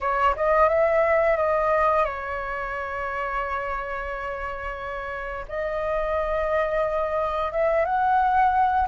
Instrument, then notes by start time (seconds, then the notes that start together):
flute
0.01 C#5
0.36 D#5
0.68 E5
1.36 D#5
2.05 C#5
5.48 D#5
7.52 E5
7.85 F#5